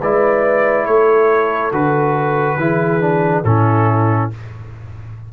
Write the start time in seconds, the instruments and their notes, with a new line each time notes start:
0.00 tuba G#3, trombone E4, horn B4, trumpet D5
0.85 tuba A3, horn A4, trumpet C#5
1.71 tuba D3, trombone F#4, trumpet B4
2.56 tuba E3, trombone E4, horn G#4
3.01 trombone D4
3.44 tuba A2, trombone C#4, horn E4, trumpet A4